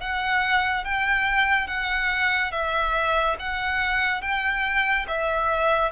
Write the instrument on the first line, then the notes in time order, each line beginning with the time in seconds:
violin
0.00 F#5
0.84 G5
1.67 F#5
2.51 E5
3.39 F#5
4.21 G5
5.07 E5